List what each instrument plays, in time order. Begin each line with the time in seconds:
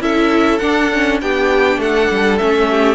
0.00 cello C#4, viola E4, violin A4 E5
0.59 viola D4, cello D4, violin F#5
0.93 viola C#4
1.21 cello B3, viola D4, violin G4 G5
1.77 cello A3, violin A4 F#5
2.11 cello G3
2.38 cello A3, viola C#4, violin E5
2.70 violin G4